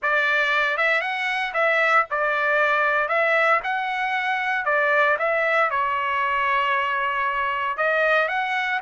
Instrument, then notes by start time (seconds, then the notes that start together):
trumpet
0.02 D5
0.77 E5
1.01 F#5
1.53 E5
2.10 D5
3.08 E5
3.63 F#5
4.65 D5
5.18 E5
5.70 C#5
7.77 D#5
8.28 F#5